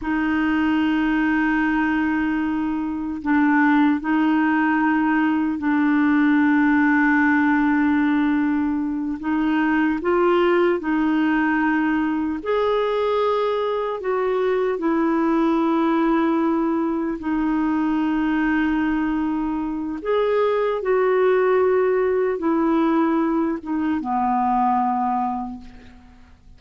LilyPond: \new Staff \with { instrumentName = "clarinet" } { \time 4/4 \tempo 4 = 75 dis'1 | d'4 dis'2 d'4~ | d'2.~ d'8 dis'8~ | dis'8 f'4 dis'2 gis'8~ |
gis'4. fis'4 e'4.~ | e'4. dis'2~ dis'8~ | dis'4 gis'4 fis'2 | e'4. dis'8 b2 | }